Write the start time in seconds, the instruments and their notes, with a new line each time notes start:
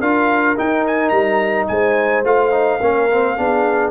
0.00 tuba D4, trombone F4, horn A#4, trumpet F5
0.56 trombone D#4, tuba D#4, trumpet G5
0.87 trumpet G#5
1.09 tuba G3, trumpet A#5
1.68 tuba G#3, horn C5, trumpet G#5
2.24 tuba A3, trombone F4, trumpet F5
2.51 trombone D#4
2.81 tuba A#3, trombone C#4, horn A#4
3.11 trombone C4
3.37 tuba B3, trombone D4, horn G#4